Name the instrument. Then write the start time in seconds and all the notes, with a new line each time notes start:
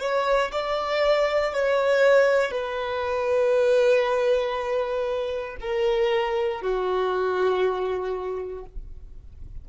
violin
0.00 C#5
0.52 D5
1.53 C#5
2.51 B4
5.60 A#4
6.61 F#4